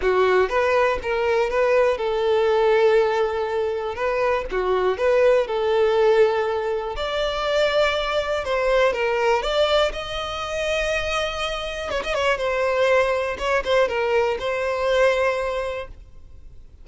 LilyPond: \new Staff \with { instrumentName = "violin" } { \time 4/4 \tempo 4 = 121 fis'4 b'4 ais'4 b'4 | a'1 | b'4 fis'4 b'4 a'4~ | a'2 d''2~ |
d''4 c''4 ais'4 d''4 | dis''1 | cis''16 dis''16 cis''8 c''2 cis''8 c''8 | ais'4 c''2. | }